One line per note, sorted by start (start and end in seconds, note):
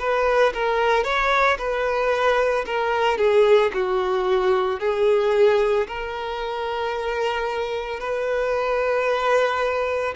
0.00 0.54 B4
0.55 1.04 A#4
1.04 1.58 C#5
1.59 2.66 B4
2.66 3.19 A#4
3.19 3.72 G#4
3.74 4.80 F#4
4.80 5.87 G#4
5.88 8.01 A#4
8.01 10.15 B4